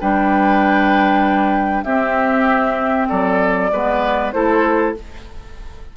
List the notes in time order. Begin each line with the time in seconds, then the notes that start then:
0.00 G3 D4 B4 G5
1.84 C4 G4 E5
3.08 F#3 A4 D5
3.71 G#3 B3 B4
4.32 A3 E4 A4 C5